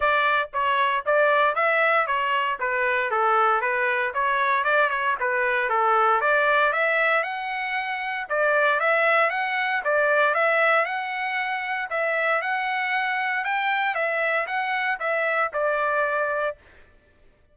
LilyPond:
\new Staff \with { instrumentName = "trumpet" } { \time 4/4 \tempo 4 = 116 d''4 cis''4 d''4 e''4 | cis''4 b'4 a'4 b'4 | cis''4 d''8 cis''8 b'4 a'4 | d''4 e''4 fis''2 |
d''4 e''4 fis''4 d''4 | e''4 fis''2 e''4 | fis''2 g''4 e''4 | fis''4 e''4 d''2 | }